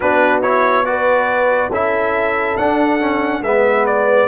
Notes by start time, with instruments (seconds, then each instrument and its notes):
0.00 tuba B3, trombone D4, horn F#4, trumpet B4
0.42 trombone E4, trumpet C#5
0.85 trombone F#4, horn B4, trumpet D5
1.70 tuba C#4, trombone E4, horn A4, trumpet E5
2.57 tuba D4, trombone D4, trumpet F#5
3.00 trombone C#4
3.41 tuba G#3, trombone B3, horn B4, trumpet E5
3.86 trumpet D5